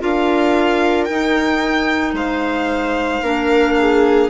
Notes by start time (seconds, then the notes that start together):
0.00 D4 F4 A#4 F5
1.04 D#4 G5
1.10 D#4
2.13 G#3 C5 F5
3.22 A#3 D4 A#4
3.78 G#4